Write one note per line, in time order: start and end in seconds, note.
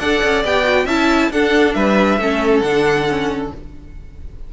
0.00 0.22 D4
0.00 0.45 A4
0.00 0.86 D5
0.00 0.44 F#5
0.24 0.45 C#4
0.45 0.86 B3
0.45 0.64 G4
0.45 0.88 G5
0.64 0.86 F#4
0.86 1.30 C#4
0.86 1.33 E4
0.86 1.29 E5
0.86 1.32 A5
1.31 1.75 D4
1.31 2.21 D4
1.31 1.76 A4
1.31 1.74 F#5
1.74 2.18 G3
1.74 2.20 B4
1.74 2.60 E5
2.18 2.62 A3
2.18 2.64 C#4
2.18 3.54 A4
2.60 3.52 D3
2.60 3.08 D4
2.60 3.48 F#5
3.08 3.52 C#4